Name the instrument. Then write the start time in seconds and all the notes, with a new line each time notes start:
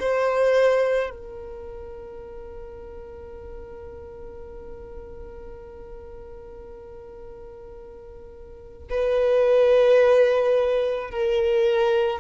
violin
0.00 C5
1.10 A#4
8.90 B4
11.11 A#4